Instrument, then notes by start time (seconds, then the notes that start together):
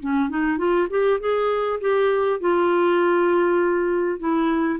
clarinet
0.00 C#4
0.29 D#4
0.58 F4
0.89 G4
1.19 G#4
1.81 G4
2.40 F4
4.19 E4